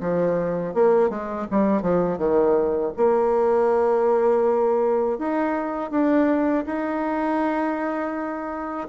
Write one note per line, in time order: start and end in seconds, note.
0.00 0.74 F3
0.74 1.09 A#3
1.09 1.46 G#3
1.51 1.82 G3
1.82 2.18 F3
2.18 2.92 D#3
2.97 5.18 A#3
5.18 5.91 D#4
5.91 6.65 D4
6.66 8.88 D#4